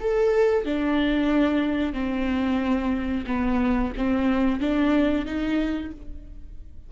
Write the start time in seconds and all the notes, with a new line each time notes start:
0.00 A4
0.65 D4
1.93 C4
3.26 B3
3.97 C4
4.60 D4
5.25 D#4